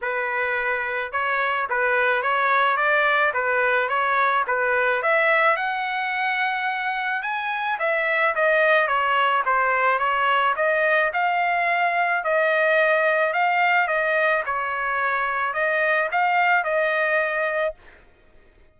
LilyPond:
\new Staff \with { instrumentName = "trumpet" } { \time 4/4 \tempo 4 = 108 b'2 cis''4 b'4 | cis''4 d''4 b'4 cis''4 | b'4 e''4 fis''2~ | fis''4 gis''4 e''4 dis''4 |
cis''4 c''4 cis''4 dis''4 | f''2 dis''2 | f''4 dis''4 cis''2 | dis''4 f''4 dis''2 | }